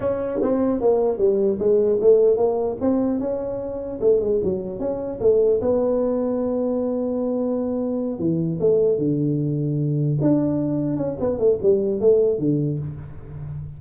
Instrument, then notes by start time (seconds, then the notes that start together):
tuba
0.00 C#4
0.41 C4
0.80 A#3
1.18 G3
1.59 G#3
2.00 A3
2.36 A#3
2.80 C4
3.19 C#4
4.01 A3
4.20 G#3
4.43 F#3
4.79 C#4
5.20 A3
5.61 B3
8.18 E3
8.60 A3
8.97 D3
10.21 D4
10.97 C#4
11.19 B3
11.38 A3
11.62 G3
12.00 A3
12.39 D3